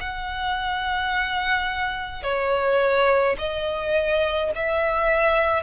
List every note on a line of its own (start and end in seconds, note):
0.00 2.23 F#5
2.23 3.36 C#5
3.38 4.51 D#5
4.55 5.63 E5